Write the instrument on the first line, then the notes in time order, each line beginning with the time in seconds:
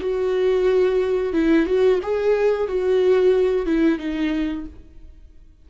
viola
0.00 F#4
1.33 E4
1.66 F#4
2.02 G#4
2.68 F#4
3.66 E4
3.98 D#4